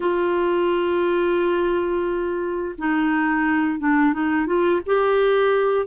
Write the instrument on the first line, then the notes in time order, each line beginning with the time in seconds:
clarinet
0.00 F4
2.77 D#4
3.79 D4
4.13 D#4
4.46 F4
4.86 G4